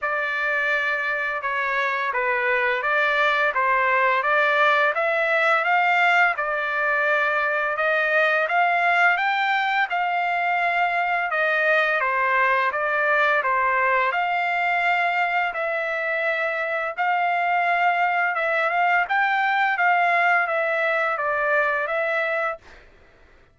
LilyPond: \new Staff \with { instrumentName = "trumpet" } { \time 4/4 \tempo 4 = 85 d''2 cis''4 b'4 | d''4 c''4 d''4 e''4 | f''4 d''2 dis''4 | f''4 g''4 f''2 |
dis''4 c''4 d''4 c''4 | f''2 e''2 | f''2 e''8 f''8 g''4 | f''4 e''4 d''4 e''4 | }